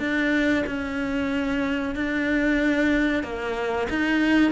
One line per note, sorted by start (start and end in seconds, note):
0.00 0.65 D4
0.67 1.96 C#4
1.96 3.24 D4
3.24 3.88 A#3
3.90 4.52 D#4